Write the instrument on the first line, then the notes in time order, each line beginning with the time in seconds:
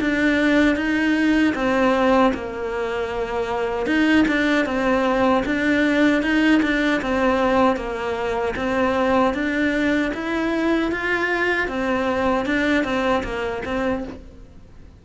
cello
0.00 D4
0.75 D#4
1.54 C4
2.34 A#3
3.86 D#4
4.28 D4
4.65 C4
5.45 D4
6.22 D#4
6.62 D4
7.01 C4
7.76 A#3
8.56 C4
9.34 D4
10.14 E4
10.91 F4
11.67 C4
12.45 D4
12.84 C4
13.23 A#3
13.65 C4